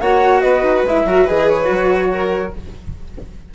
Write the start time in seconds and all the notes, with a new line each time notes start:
0.00 A#3 F#4 C#5 F#5
0.41 B3 B4 D#5
0.62 D#4
0.83 G#3 E4 E5
1.05 F#3 F#4 A#4
1.24 E3 G#4 B4 D#5
1.49 C#5
1.65 F#3 F#4
2.12 A#4